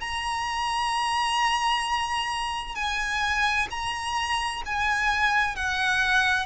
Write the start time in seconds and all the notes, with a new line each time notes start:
0.00 A#5
2.75 G#5
3.70 A#5
4.65 G#5
5.56 F#5